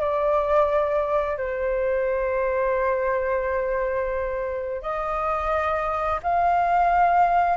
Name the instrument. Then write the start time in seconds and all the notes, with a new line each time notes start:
flute
0.00 D5
1.37 C5
4.82 D#5
6.23 F5